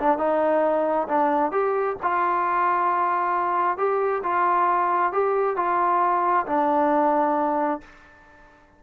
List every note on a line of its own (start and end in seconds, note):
0.00 0.18 D4
0.18 1.08 D#4
1.09 1.52 D4
1.52 1.97 G4
2.03 3.78 F4
3.78 4.23 G4
4.24 5.13 F4
5.13 5.57 G4
5.57 6.46 F4
6.47 7.81 D4